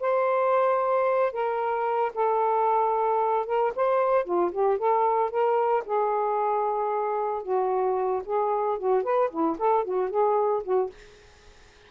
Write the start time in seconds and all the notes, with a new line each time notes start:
0.00 C5
1.32 A#4
2.14 A4
3.46 A#4
3.76 C5
4.24 F4
4.51 G4
4.78 A4
5.30 A#4
5.86 G#4
7.43 F#4
8.25 G#4
8.78 F#4
9.03 B4
9.30 E4
9.58 A4
9.84 F#4
10.10 G#4
10.63 F#4